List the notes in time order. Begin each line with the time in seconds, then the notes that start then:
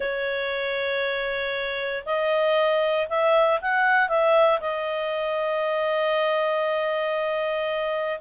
0.00 C#5
2.05 D#5
3.09 E5
3.61 F#5
4.08 E5
4.60 D#5